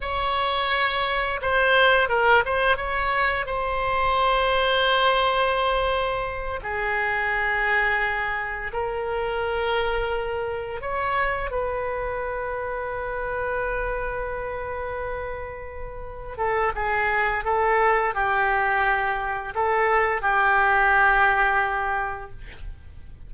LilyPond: \new Staff \with { instrumentName = "oboe" } { \time 4/4 \tempo 4 = 86 cis''2 c''4 ais'8 c''8 | cis''4 c''2.~ | c''4. gis'2~ gis'8~ | gis'8 ais'2. cis''8~ |
cis''8 b'2.~ b'8~ | b'2.~ b'8 a'8 | gis'4 a'4 g'2 | a'4 g'2. | }